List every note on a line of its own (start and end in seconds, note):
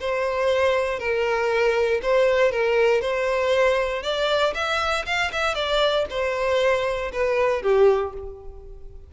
0.00 0.99 C5
0.99 2.00 A#4
2.02 2.51 C5
2.51 3.01 A#4
3.01 4.02 C5
4.02 4.53 D5
4.54 5.05 E5
5.05 5.31 F5
5.32 5.55 E5
5.55 6.06 D5
6.10 7.11 C5
7.12 7.62 B4
7.62 8.13 G4